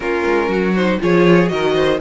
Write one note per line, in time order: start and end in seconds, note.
0.00 0.23 A#3
0.00 0.74 C#4
0.00 0.49 F4
0.00 0.75 A#4
0.24 0.48 G#3
0.48 0.98 F#3
0.48 0.99 F#4
0.75 1.00 D#4
0.75 1.00 C5
1.00 1.51 F3
1.00 1.47 F4
1.00 1.52 G#4
1.00 1.48 C#5
1.47 2.00 D#3
1.47 1.97 F#4
1.47 1.74 A#4
1.47 1.98 D#5
1.74 1.99 C5